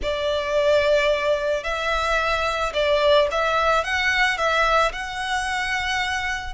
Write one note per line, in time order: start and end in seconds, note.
0.02 1.63 D5
1.63 2.72 E5
2.73 3.28 D5
3.31 3.84 E5
3.84 4.37 F#5
4.37 4.92 E5
4.92 6.54 F#5